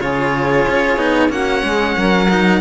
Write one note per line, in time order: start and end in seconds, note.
0.00 0.66 C#3
0.00 0.98 F4
0.00 1.31 G#4
0.00 1.31 C#5
0.68 0.97 C#4
0.97 1.29 B3
0.97 1.29 D#4
1.29 1.62 A#3
1.29 2.28 C#4
1.29 1.63 F#4
1.29 2.61 F#5
1.63 1.96 G#3
1.63 1.96 G#4
1.96 2.61 F#3
1.96 2.61 A#4
2.30 2.61 D#4